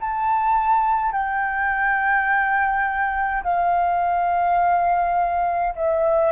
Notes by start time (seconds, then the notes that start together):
0.00 A5
1.12 G5
3.43 F5
5.75 E5